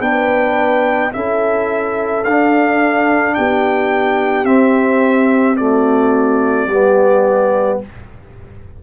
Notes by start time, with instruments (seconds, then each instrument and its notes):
0.00 tuba B3, trombone D4, horn B4, trumpet G5
1.12 tuba C#4, trombone E4, horn A4, trumpet E5
2.24 tuba D4, trombone D4, trumpet F5
3.34 tuba B3, horn G4, trumpet G5
4.44 tuba C4, trombone C4, trumpet E5
5.56 trombone A3, horn F#4, trumpet D5
6.66 tuba G3, trombone B3, horn G4